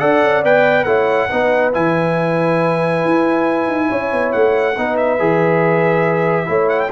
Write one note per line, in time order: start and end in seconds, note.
0.00 0.23 D4
0.00 0.43 A4
0.00 0.87 D5
0.00 0.43 F#5
0.23 0.45 C#4
0.45 0.85 B3
0.45 0.87 B4
0.45 0.85 G5
0.85 1.28 A3
0.85 1.30 E4
0.85 1.30 C#5
0.85 1.71 F#5
1.30 1.76 B3
1.30 1.73 D#4
1.30 3.89 B4
1.73 3.05 E3
1.73 4.76 E4
1.73 4.33 G#5
3.05 3.68 E4
3.68 3.89 D#4
3.89 4.13 C#4
3.89 4.76 C#5
4.13 4.34 B3
4.33 4.78 A3
4.33 4.97 F#5
4.76 5.20 B3
4.76 5.20 D#4
4.76 6.49 B4
4.98 6.69 E5
5.20 6.49 E3
5.20 6.46 G#4
6.46 6.92 A3
6.46 6.89 E4
6.46 6.92 C#5
6.69 6.80 F#5
6.80 6.91 G5